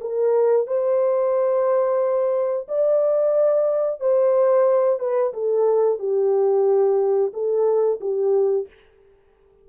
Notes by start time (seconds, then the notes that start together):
0.00 A#4
0.67 C5
2.68 D5
4.00 C5
4.99 B4
5.33 A4
5.98 G4
7.33 A4
8.00 G4